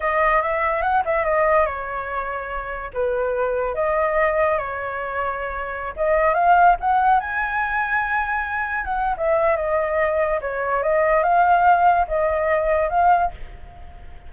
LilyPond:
\new Staff \with { instrumentName = "flute" } { \time 4/4 \tempo 4 = 144 dis''4 e''4 fis''8 e''8 dis''4 | cis''2. b'4~ | b'4 dis''2 cis''4~ | cis''2~ cis''16 dis''4 f''8.~ |
f''16 fis''4 gis''2~ gis''8.~ | gis''4~ gis''16 fis''8. e''4 dis''4~ | dis''4 cis''4 dis''4 f''4~ | f''4 dis''2 f''4 | }